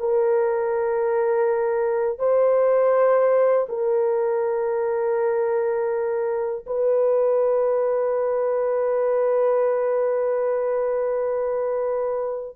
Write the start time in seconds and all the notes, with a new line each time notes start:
0.00 A#4
2.19 C5
3.69 A#4
6.66 B4